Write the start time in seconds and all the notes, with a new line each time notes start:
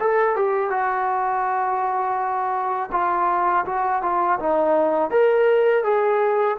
0.00 A4
0.37 G4
0.71 F#4
2.92 F4
3.66 F#4
4.03 F4
4.40 D#4
5.11 A#4
5.84 G#4